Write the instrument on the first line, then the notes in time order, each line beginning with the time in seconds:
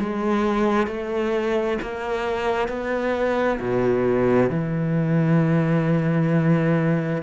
cello
0.00 G#3
0.87 A3
1.82 A#3
2.69 B3
3.60 B2
4.50 E3